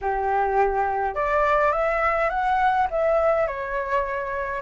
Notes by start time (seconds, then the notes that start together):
0.01 G4
1.15 D5
1.72 E5
2.29 F#5
2.90 E5
3.47 C#5